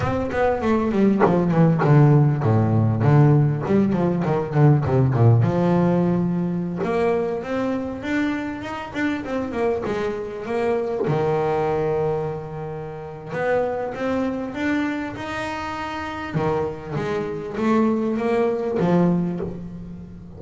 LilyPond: \new Staff \with { instrumentName = "double bass" } { \time 4/4 \tempo 4 = 99 c'8 b8 a8 g8 f8 e8 d4 | a,4 d4 g8 f8 dis8 d8 | c8 ais,8 f2~ f16 ais8.~ | ais16 c'4 d'4 dis'8 d'8 c'8 ais16~ |
ais16 gis4 ais4 dis4.~ dis16~ | dis2 b4 c'4 | d'4 dis'2 dis4 | gis4 a4 ais4 f4 | }